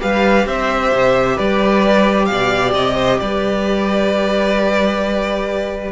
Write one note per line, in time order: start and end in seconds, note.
0.00 0.46 G3
0.00 5.91 G4
0.00 0.47 B4
0.00 0.47 F5
0.46 0.92 C4
0.46 1.36 C5
0.46 1.38 E5
0.92 1.38 C3
1.36 2.30 G3
1.36 2.27 B4
1.36 2.25 D5
2.25 2.74 B2
2.25 2.71 F5
2.32 2.95 D5
2.74 3.19 C3
2.74 3.19 D#5
2.95 3.18 C5
3.19 5.92 G3
3.19 5.92 B4
3.19 5.92 D5